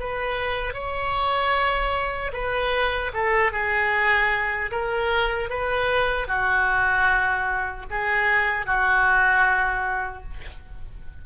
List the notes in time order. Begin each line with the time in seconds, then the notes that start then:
0.00 B4
0.74 C#5
2.33 B4
3.14 A4
3.52 G#4
4.72 A#4
5.50 B4
6.28 F#4
7.91 G#4
8.66 F#4